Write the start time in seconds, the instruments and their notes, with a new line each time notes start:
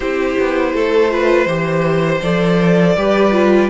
0.00 cello C4, viola E4, violin G4 C5
0.39 cello B3
0.73 cello A3, violin A4
1.10 viola F4, violin B4
1.46 cello E3, viola G4, violin C5
2.21 cello F3, viola A4, violin D5
2.96 cello G3, viola G4, violin B4
3.32 viola F4